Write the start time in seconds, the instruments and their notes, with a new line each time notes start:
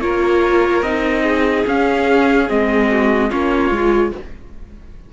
0.00 cello A#3, viola F4, violin A#4, trumpet C#5
0.82 cello C4, viola D#4, trumpet D#5
1.23 violin G#4
1.67 cello C#4, viola C#4, trumpet F5
2.48 cello G#3, viola C4, trumpet D#5
2.91 violin F#4
3.30 cello A#3, viola C#4, violin F4, trumpet C#5
3.71 cello G#3, viola F4